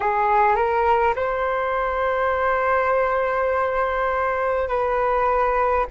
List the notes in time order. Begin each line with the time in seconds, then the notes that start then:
0.00 G#4
0.55 A#4
1.15 C5
4.68 B4